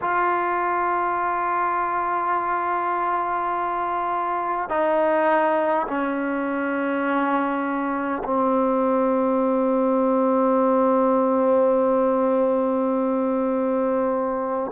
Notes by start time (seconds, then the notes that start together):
0.01 F4
4.68 D#4
5.87 C#4
8.24 C4